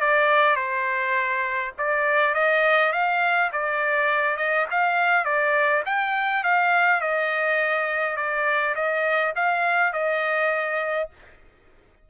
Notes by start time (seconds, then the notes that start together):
0.00 D5
0.55 C5
1.78 D5
2.34 D#5
2.92 F5
3.52 D5
4.37 D#5
4.71 F5
5.24 D5
5.85 G5
6.43 F5
7.01 D#5
8.16 D5
8.75 D#5
9.35 F5
9.93 D#5